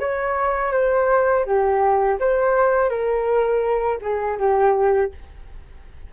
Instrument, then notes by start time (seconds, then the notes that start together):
flute
0.00 C#5
0.73 C5
1.46 G4
2.20 C5
2.90 A#4
4.02 G#4
4.39 G4